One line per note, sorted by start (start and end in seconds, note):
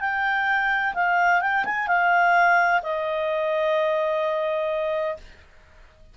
0.00 0.94 G5
0.94 1.41 F5
1.41 1.64 G5
1.65 1.87 G#5
1.87 2.81 F5
2.83 5.17 D#5